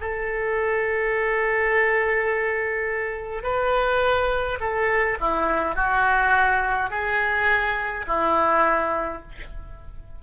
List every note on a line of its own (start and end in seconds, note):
0.00 3.43 A4
3.43 4.58 B4
4.60 5.18 A4
5.20 5.75 E4
5.75 6.90 F#4
6.90 8.06 G#4
8.07 9.22 E4